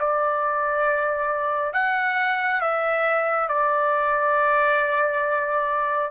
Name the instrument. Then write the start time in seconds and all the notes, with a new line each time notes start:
trumpet
0.00 D5
1.74 F#5
2.61 E5
3.49 D5